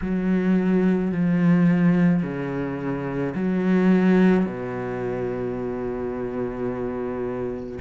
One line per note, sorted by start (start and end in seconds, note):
0.01 1.11 F#3
1.11 2.22 F3
2.22 3.33 C#3
3.34 4.45 F#3
4.45 7.78 B2